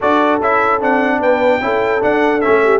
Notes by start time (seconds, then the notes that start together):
0.00 D4 F#4 A4 D5
0.40 C#4 E4 E5
0.80 C4 D4 F#5
1.20 B3 B4 G5
1.61 C#4 E4 A4
2.00 D4 F#5
2.40 A3 C#4 E5
2.64 G4